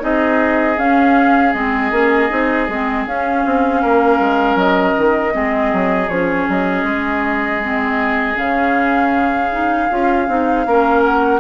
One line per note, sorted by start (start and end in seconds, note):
0.00 0.77 C4
0.00 0.76 D#4
0.00 3.81 G#4
0.00 0.78 D#5
0.77 1.53 C#4
0.77 1.54 C#4
0.77 1.52 F5
1.52 1.91 G#3
1.52 1.91 C4
1.52 3.04 D#5
1.91 2.29 A#3
1.91 2.29 C#4
2.29 2.68 C4
2.29 2.67 D#4
2.68 3.06 G#3
2.68 3.09 C4
3.06 3.44 C#4
3.06 5.31 C#4
3.06 4.58 F5
3.45 3.83 C4
3.81 4.19 A#3
3.81 5.33 A#4
4.19 4.55 G#3
4.55 4.93 F#3
4.55 6.09 D#5
4.97 5.34 D#3
5.31 5.72 G#3
5.31 6.07 C4
5.31 10.66 G#4
5.72 6.08 F#3
6.08 6.46 F3
6.08 7.62 C#4
6.08 6.47 C#5
6.49 6.83 F#3
6.49 8.37 D#5
6.83 8.35 G#3
7.62 8.35 C4
8.35 9.90 C#3
8.35 9.49 C#4
8.35 11.03 F5
9.51 9.89 D#4
9.90 10.28 C#4
9.90 10.28 F4
10.28 10.66 C4
10.28 10.66 D#4
10.66 11.40 A#3
10.66 11.40 C#4
10.66 11.40 A#4
11.03 11.40 F#5